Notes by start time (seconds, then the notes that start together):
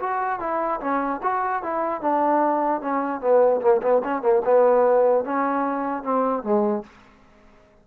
0.00 F#4
0.40 E4
0.81 C#4
1.23 F#4
1.63 E4
2.02 D4
2.82 C#4
3.21 B3
3.62 A#3
3.83 B3
4.05 C#4
4.22 A#3
4.45 B3
5.25 C#4
6.04 C4
6.44 G#3